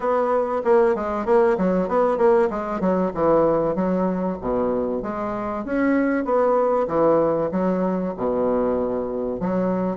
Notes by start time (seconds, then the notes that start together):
0.00 B3
0.64 A#3
0.95 G#3
1.25 A#3
1.57 F#3
1.88 B3
2.17 A#3
2.50 G#3
2.80 F#3
3.14 E3
3.75 F#3
4.40 B2
5.02 G#3
5.64 C#4
6.24 B3
6.88 E3
7.51 F#3
8.16 B2
9.40 F#3